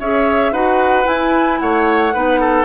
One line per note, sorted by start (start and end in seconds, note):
0.00 0.52 C#4
0.00 0.54 G#4
0.00 0.52 C#5
0.00 0.53 E5
0.52 1.05 D#4
0.52 1.04 F#4
0.52 1.59 B4
0.52 1.07 F#5
1.04 2.11 E4
1.04 1.61 E4
1.04 1.59 G#5
1.59 2.15 A3
1.59 2.14 C#5
1.59 2.65 F#5
2.14 2.65 B3
2.14 2.65 D#4
2.14 2.40 B4
2.40 2.65 A4